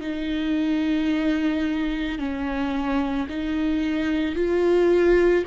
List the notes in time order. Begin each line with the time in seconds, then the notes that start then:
0.00 D#4
2.18 C#4
3.28 D#4
4.35 F4